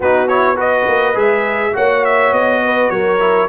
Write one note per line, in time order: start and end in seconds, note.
0.00 0.86 B3
0.00 0.28 D#4
0.00 0.55 F#4
0.00 0.28 B4
0.28 0.56 E4
0.28 0.57 C#5
0.55 1.14 F#4
0.55 1.72 B4
0.55 1.17 D#5
0.87 1.15 A#3
1.14 1.74 G#3
1.14 1.72 G#4
1.14 1.76 E5
1.72 2.31 A#3
1.72 3.18 F#4
1.72 2.62 C#5
1.72 2.04 F#5
2.04 2.33 E5
2.31 2.90 B3
2.31 2.89 D#5
2.64 2.92 B4
2.89 3.48 F#3
2.89 3.48 A#4
2.89 3.48 C#5
3.20 3.48 E4